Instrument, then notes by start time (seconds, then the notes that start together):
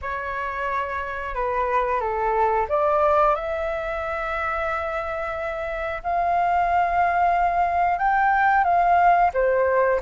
flute
0.01 C#5
1.35 B4
2.00 A4
2.68 D5
3.35 E5
6.03 F5
7.98 G5
8.64 F5
9.33 C5